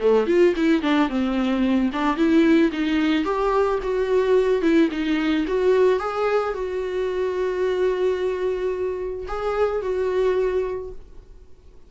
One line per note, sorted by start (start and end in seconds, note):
0.00 0.27 A3
0.27 0.54 F4
0.56 0.83 E4
0.83 1.09 D4
1.09 1.91 C4
1.93 2.17 D4
2.17 2.71 E4
2.72 3.25 D#4
3.25 3.79 G4
3.83 4.62 F#4
4.62 4.89 E4
4.92 5.46 D#4
5.48 6.00 F#4
6.00 6.54 G#4
6.54 9.27 F#4
9.28 9.82 G#4
9.82 10.91 F#4